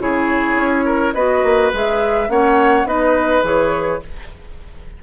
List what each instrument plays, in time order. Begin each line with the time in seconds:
0.00 bassoon C#3, clarinet E4, oboe G#4, flute C#5
0.55 bassoon C#4
0.85 oboe A#4
1.14 bassoon B3, clarinet F#4, oboe B4, flute D#5
1.43 bassoon A#3
1.73 bassoon G#3, clarinet G#4, flute E5
2.29 bassoon A#3, clarinet C#4, oboe C#5, flute F#5
2.85 bassoon B3, clarinet D#4, oboe B4, flute D#5
3.43 bassoon E3, clarinet G#4, flute C#5